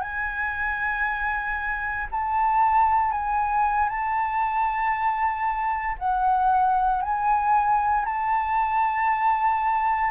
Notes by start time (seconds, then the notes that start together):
0.00 G#5
2.11 A5
3.11 G#5
3.88 A5
5.99 F#5
7.02 G#5
8.05 A5